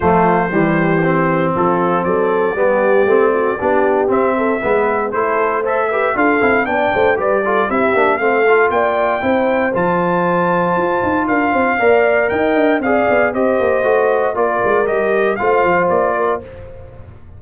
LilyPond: <<
  \new Staff \with { instrumentName = "trumpet" } { \time 4/4 \tempo 4 = 117 c''2. a'4 | d''1 | e''2 c''4 e''4 | f''4 g''4 d''4 e''4 |
f''4 g''2 a''4~ | a''2 f''2 | g''4 f''4 dis''2 | d''4 dis''4 f''4 d''4 | }
  \new Staff \with { instrumentName = "horn" } { \time 4/4 f'4 g'2 f'4 | a'4 g'4. fis'8 g'4~ | g'8 a'8 b'4 a'4 c''8 b'8 | a'4 d''8 c''8 b'8 a'8 g'4 |
a'4 d''4 c''2~ | c''2 ais'8 c''8 d''4 | dis''4 d''4 c''2 | ais'2 c''4. ais'8 | }
  \new Staff \with { instrumentName = "trombone" } { \time 4/4 a4 g4 c'2~ | c'4 b4 c'4 d'4 | c'4 b4 e'4 a'8 g'8 | f'8 e'8 d'4 g'8 f'8 e'8 d'8 |
c'8 f'4. e'4 f'4~ | f'2. ais'4~ | ais'4 gis'4 g'4 fis'4 | f'4 g'4 f'2 | }
  \new Staff \with { instrumentName = "tuba" } { \time 4/4 f4 e2 f4 | fis4 g4 a4 b4 | c'4 gis4 a2 | d'8 c'8 b8 a8 g4 c'8 ais8 |
a4 ais4 c'4 f4~ | f4 f'8 dis'8 d'8 c'8 ais4 | dis'8 d'8 c'8 b8 c'8 ais8 a4 | ais8 gis8 g4 a8 f8 ais4 | }
>>